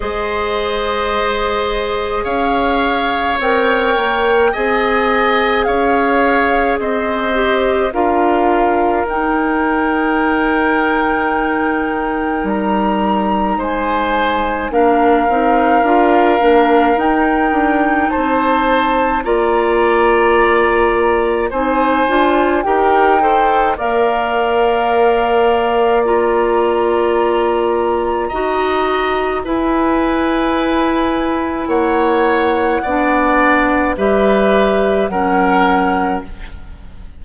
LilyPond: <<
  \new Staff \with { instrumentName = "flute" } { \time 4/4 \tempo 4 = 53 dis''2 f''4 g''4 | gis''4 f''4 dis''4 f''4 | g''2. ais''4 | gis''4 f''2 g''4 |
a''4 ais''2 gis''4 | g''4 f''2 ais''4~ | ais''2 gis''2 | fis''2 e''4 fis''4 | }
  \new Staff \with { instrumentName = "oboe" } { \time 4/4 c''2 cis''2 | dis''4 cis''4 c''4 ais'4~ | ais'1 | c''4 ais'2. |
c''4 d''2 c''4 | ais'8 c''8 d''2.~ | d''4 dis''4 b'2 | cis''4 d''4 b'4 ais'4 | }
  \new Staff \with { instrumentName = "clarinet" } { \time 4/4 gis'2. ais'4 | gis'2~ gis'8 g'8 f'4 | dis'1~ | dis'4 d'8 dis'8 f'8 d'8 dis'4~ |
dis'4 f'2 dis'8 f'8 | g'8 a'8 ais'2 f'4~ | f'4 fis'4 e'2~ | e'4 d'4 g'4 cis'4 | }
  \new Staff \with { instrumentName = "bassoon" } { \time 4/4 gis2 cis'4 c'8 ais8 | c'4 cis'4 c'4 d'4 | dis'2. g4 | gis4 ais8 c'8 d'8 ais8 dis'8 d'8 |
c'4 ais2 c'8 d'8 | dis'4 ais2.~ | ais4 dis'4 e'2 | ais4 b4 g4 fis4 | }
>>